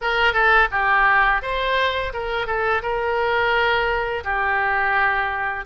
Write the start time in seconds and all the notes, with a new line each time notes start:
0.01 A#4
0.33 A4
0.71 G4
1.42 C5
2.13 A#4
2.46 A4
2.82 A#4
4.24 G4